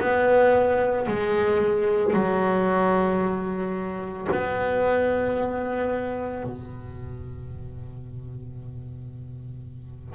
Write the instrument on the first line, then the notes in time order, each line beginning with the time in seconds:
double bass
0.00 B3
1.08 G#3
2.14 F#3
4.31 B3
6.44 B2